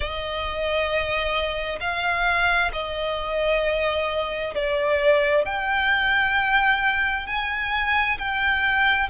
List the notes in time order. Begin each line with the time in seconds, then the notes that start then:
0.00 D#5
1.80 F5
2.72 D#5
4.55 D5
5.45 G5
7.26 G#5
8.18 G5